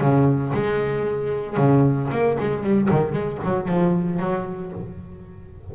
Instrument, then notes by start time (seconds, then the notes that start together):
double bass
0.00 C#3
0.53 G#3
1.57 C#3
2.11 A#3
2.39 G#3
2.63 G3
2.90 D#3
3.12 G#3
3.44 F#3
3.68 F3
4.20 F#3